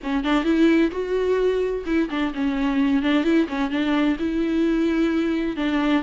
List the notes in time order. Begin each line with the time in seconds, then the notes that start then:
0.03 C#4
0.23 D4
0.44 E4
0.91 F#4
1.85 E4
2.10 D4
2.34 C#4
3.02 D4
3.23 E4
3.48 C#4
3.70 D4
4.19 E4
5.56 D4